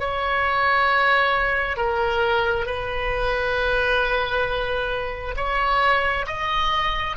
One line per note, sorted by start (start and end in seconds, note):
0.00 1.77 C#5
1.77 2.67 A#4
2.67 5.35 B4
5.37 6.26 C#5
6.27 7.17 D#5